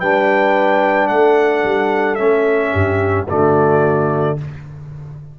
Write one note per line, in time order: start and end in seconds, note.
0.00 1.09 G3
0.00 2.18 D4
0.00 1.10 B4
0.00 1.08 G5
1.08 1.64 A3
1.08 2.72 A4
1.08 2.15 F#5
1.65 2.19 G3
2.15 2.74 A3
2.15 3.27 C#4
2.15 3.24 E5
2.72 3.29 G2
2.72 3.27 G4
3.28 4.40 D3
3.28 4.38 A3
3.28 4.37 F#4
3.28 4.39 D5